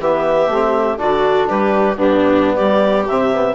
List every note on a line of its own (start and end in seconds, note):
0.00 0.48 E3
0.00 0.52 B3
0.00 0.99 G4
0.00 0.98 E5
0.48 0.97 A3
0.48 0.98 C4
0.98 1.50 D3
0.98 1.96 D4
0.98 1.48 F#4
0.98 1.48 D5
1.48 1.97 G3
1.48 1.98 G4
1.48 1.97 B4
1.97 2.59 G2
1.97 3.07 B3
1.97 2.56 D4
1.97 2.55 G4
2.55 3.09 G3
2.55 3.55 G4
2.55 3.05 D5
3.08 3.56 C3
3.08 3.33 C4
3.08 3.56 E5
3.33 3.56 B3